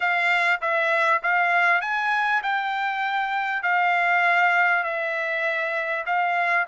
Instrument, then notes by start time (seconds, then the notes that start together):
trumpet
0.00 F5
0.61 E5
1.22 F5
1.81 G#5
2.42 G5
3.63 F5
4.83 E5
6.06 F5